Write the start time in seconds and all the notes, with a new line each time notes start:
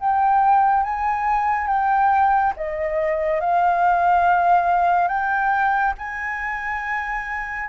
0.00 G5
0.83 G#5
1.68 G5
2.56 D#5
3.41 F5
5.08 G5
5.98 G#5